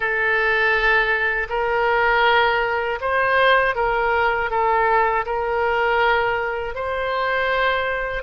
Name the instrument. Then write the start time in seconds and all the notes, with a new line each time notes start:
oboe
0.00 A4
1.49 A#4
3.00 C5
3.75 A#4
4.50 A4
5.25 A#4
6.74 C5